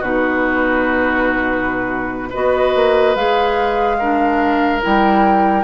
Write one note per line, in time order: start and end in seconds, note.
0.00 2.31 B2
0.00 2.31 D#4
0.00 2.29 F#4
0.00 2.32 B4
2.30 2.75 B3
2.30 3.16 F#4
2.30 3.97 B4
2.30 3.16 D#5
2.75 3.16 A#3
3.16 4.82 G#3
3.16 4.00 G#4
3.16 4.82 F5
3.99 4.81 D4
3.99 5.64 A#4
4.81 5.64 G3
4.81 5.64 E4
4.81 5.64 G5